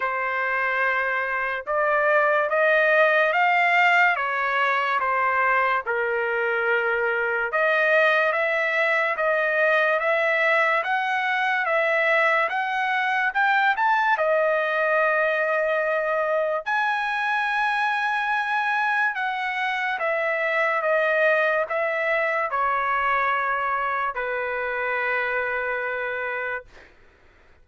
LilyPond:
\new Staff \with { instrumentName = "trumpet" } { \time 4/4 \tempo 4 = 72 c''2 d''4 dis''4 | f''4 cis''4 c''4 ais'4~ | ais'4 dis''4 e''4 dis''4 | e''4 fis''4 e''4 fis''4 |
g''8 a''8 dis''2. | gis''2. fis''4 | e''4 dis''4 e''4 cis''4~ | cis''4 b'2. | }